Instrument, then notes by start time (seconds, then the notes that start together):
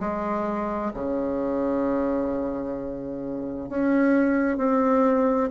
bassoon
0.00 G#3
0.94 C#3
3.69 C#4
4.58 C4